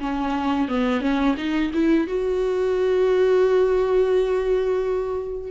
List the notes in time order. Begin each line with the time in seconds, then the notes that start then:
0.00 C#4
0.68 B3
1.01 C#4
1.37 D#4
1.73 E4
2.07 F#4